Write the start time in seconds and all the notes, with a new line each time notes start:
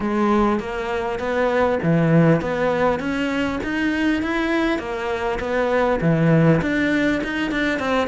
0.00 G#3
0.59 A#3
1.19 B3
1.82 E3
2.41 B3
2.99 C#4
3.63 D#4
4.22 E4
4.78 A#3
5.39 B3
6.01 E3
6.61 D4
7.23 D#4
7.51 D4
7.79 C4